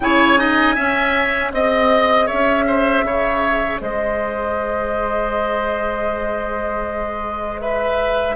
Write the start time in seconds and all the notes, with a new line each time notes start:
0.00 C#3 E4 C#5 G#5
0.36 D#4 D#5
0.75 C#4 E5
1.50 C4 G#4 D#5
2.26 C#5 E5
2.33 C#4
2.67 C5
3.03 C#3 C#5
3.80 G#3 C5 D#5
7.59 B4 E5